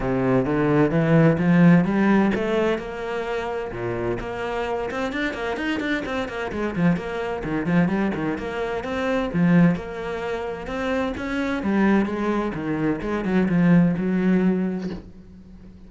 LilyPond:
\new Staff \with { instrumentName = "cello" } { \time 4/4 \tempo 4 = 129 c4 d4 e4 f4 | g4 a4 ais2 | ais,4 ais4. c'8 d'8 ais8 | dis'8 d'8 c'8 ais8 gis8 f8 ais4 |
dis8 f8 g8 dis8 ais4 c'4 | f4 ais2 c'4 | cis'4 g4 gis4 dis4 | gis8 fis8 f4 fis2 | }